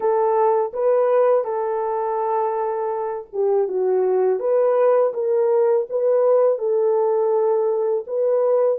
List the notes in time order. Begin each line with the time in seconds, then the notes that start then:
0.00 A4
0.73 B4
1.44 A4
3.32 G4
3.68 F#4
4.39 B4
5.13 A#4
5.89 B4
6.58 A4
8.07 B4